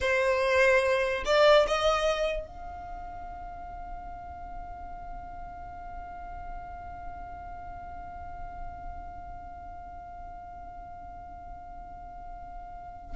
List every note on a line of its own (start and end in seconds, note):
0.00 1.24 C5
1.25 1.66 D5
1.67 2.47 D#5
2.47 13.15 F5